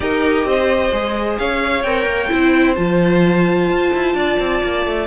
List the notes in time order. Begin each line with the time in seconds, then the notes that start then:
0.00 D#4 G4 A#4 D#5
0.44 C4 C5
0.92 G#3 G#4
1.38 C#4 C#5 F5
1.82 C4 A#4 G5
2.05 A#3
2.29 C4 E4 C5
2.75 F3 F4 A5
3.69 F4
3.93 E4
4.13 D4 D5
4.39 C4
4.63 A#3
4.85 A3